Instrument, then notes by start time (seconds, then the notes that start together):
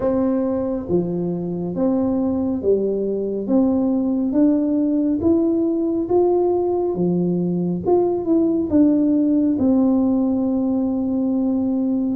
tuba
0.00 C4
0.89 F3
1.75 C4
2.62 G3
3.47 C4
4.32 D4
5.21 E4
6.09 F4
6.94 F3
7.86 F4
8.25 E4
8.70 D4
9.58 C4